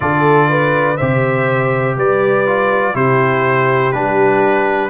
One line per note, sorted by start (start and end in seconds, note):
0.00 0.99 D3
0.00 0.96 F4
0.00 0.49 A4
0.00 0.96 D5
0.49 0.98 B4
0.97 1.96 C3
0.97 2.46 G4
0.97 1.96 C5
0.97 1.95 E5
1.96 2.94 G3
1.96 2.95 B4
1.96 2.95 D5
2.46 2.93 F4
2.93 3.93 C3
2.93 3.92 E4
2.93 4.89 G4
2.93 3.92 C5
3.92 4.89 G3
3.92 4.89 D4
3.92 4.89 B4